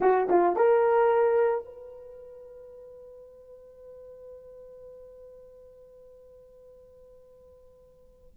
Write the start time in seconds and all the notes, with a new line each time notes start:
0.01 F#4
0.29 F4
0.56 A#4
1.65 B4